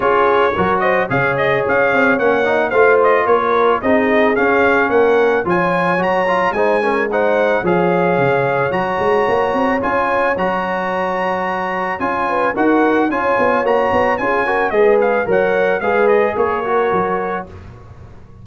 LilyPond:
<<
  \new Staff \with { instrumentName = "trumpet" } { \time 4/4 \tempo 4 = 110 cis''4. dis''8 f''8 dis''8 f''4 | fis''4 f''8 dis''8 cis''4 dis''4 | f''4 fis''4 gis''4 ais''4 | gis''4 fis''4 f''2 |
ais''2 gis''4 ais''4~ | ais''2 gis''4 fis''4 | gis''4 ais''4 gis''4 dis''8 f''8 | fis''4 f''8 dis''8 cis''2 | }
  \new Staff \with { instrumentName = "horn" } { \time 4/4 gis'4 ais'8 c''8 cis''2~ | cis''4 c''4 ais'4 gis'4~ | gis'4 ais'4 cis''2 | c''8 ais'8 c''4 cis''2~ |
cis''1~ | cis''2~ cis''8 b'8 ais'4 | cis''2 gis'8 ais'8 b'4 | cis''4 b'4 ais'2 | }
  \new Staff \with { instrumentName = "trombone" } { \time 4/4 f'4 fis'4 gis'2 | cis'8 dis'8 f'2 dis'4 | cis'2 f'4 fis'8 f'8 | dis'8 cis'8 dis'4 gis'2 |
fis'2 f'4 fis'4~ | fis'2 f'4 fis'4 | f'4 fis'4 f'8 fis'8 gis'4 | ais'4 gis'4. fis'4. | }
  \new Staff \with { instrumentName = "tuba" } { \time 4/4 cis'4 fis4 cis4 cis'8 c'8 | ais4 a4 ais4 c'4 | cis'4 ais4 f4 fis4 | gis2 f4 cis4 |
fis8 gis8 ais8 c'8 cis'4 fis4~ | fis2 cis'4 dis'4 | cis'8 b8 ais8 b8 cis'4 gis4 | fis4 gis4 ais4 fis4 | }
>>